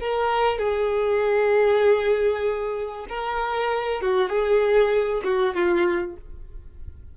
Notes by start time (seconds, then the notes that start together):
0.00 A#4
0.58 G#4
3.09 A#4
4.01 F#4
4.29 G#4
5.24 F#4
5.54 F4